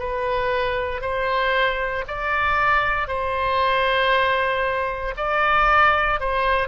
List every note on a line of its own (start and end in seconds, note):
0.00 1.02 B4
1.02 2.05 C5
2.08 3.08 D5
3.08 5.15 C5
5.17 6.20 D5
6.20 6.69 C5